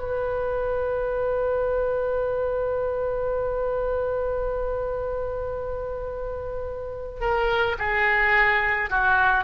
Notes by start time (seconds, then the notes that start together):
0.00 B4
7.21 A#4
7.79 G#4
8.90 F#4